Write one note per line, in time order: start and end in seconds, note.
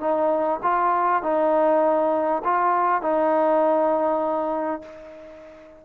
0.00 0.60 D#4
0.63 1.23 F4
1.23 2.43 D#4
2.44 3.02 F4
3.02 4.82 D#4